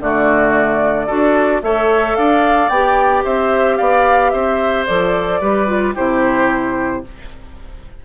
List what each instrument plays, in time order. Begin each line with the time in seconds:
0.00 bassoon D3, clarinet A3, oboe F#4, flute D5
1.06 bassoon D4, clarinet F#4, oboe A4
1.62 bassoon A3, clarinet A4, oboe C#5, flute E5
2.15 bassoon D4, oboe D5, flute F5
2.68 bassoon B3, clarinet G4, flute G5
3.24 bassoon C4, oboe C5, flute E5
3.76 bassoon B3, oboe D5, flute F5
4.30 bassoon C4, oboe C5, flute E5
4.86 bassoon F3, clarinet A4, flute D5
5.40 bassoon G3, clarinet G4, oboe B4
5.67 clarinet F4
5.94 bassoon C3, clarinet E4, oboe G4, flute C5